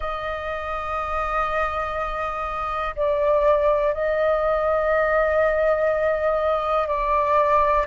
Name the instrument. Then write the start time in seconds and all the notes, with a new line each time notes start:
flute
0.00 D#5
2.95 D5
3.93 D#5
6.87 D5